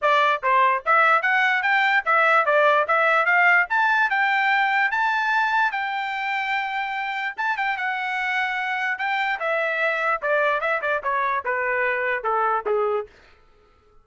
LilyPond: \new Staff \with { instrumentName = "trumpet" } { \time 4/4 \tempo 4 = 147 d''4 c''4 e''4 fis''4 | g''4 e''4 d''4 e''4 | f''4 a''4 g''2 | a''2 g''2~ |
g''2 a''8 g''8 fis''4~ | fis''2 g''4 e''4~ | e''4 d''4 e''8 d''8 cis''4 | b'2 a'4 gis'4 | }